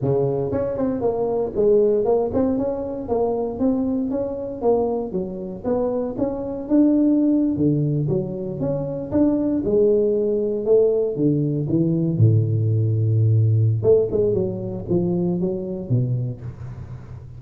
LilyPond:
\new Staff \with { instrumentName = "tuba" } { \time 4/4 \tempo 4 = 117 cis4 cis'8 c'8 ais4 gis4 | ais8 c'8 cis'4 ais4 c'4 | cis'4 ais4 fis4 b4 | cis'4 d'4.~ d'16 d4 fis16~ |
fis8. cis'4 d'4 gis4~ gis16~ | gis8. a4 d4 e4 a,16~ | a,2. a8 gis8 | fis4 f4 fis4 b,4 | }